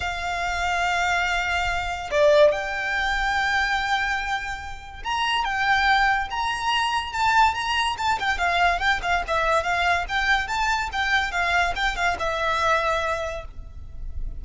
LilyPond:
\new Staff \with { instrumentName = "violin" } { \time 4/4 \tempo 4 = 143 f''1~ | f''4 d''4 g''2~ | g''1 | ais''4 g''2 ais''4~ |
ais''4 a''4 ais''4 a''8 g''8 | f''4 g''8 f''8 e''4 f''4 | g''4 a''4 g''4 f''4 | g''8 f''8 e''2. | }